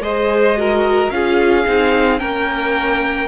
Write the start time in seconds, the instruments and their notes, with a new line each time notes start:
0.00 cello G#3, viola G#4, violin C5 D#5
0.57 viola F#4, violin A#4
1.10 cello C#4, viola F4, violin G#4 F5
1.65 cello C4, viola D#4
2.19 cello A#3, viola C#4, violin A#4 G5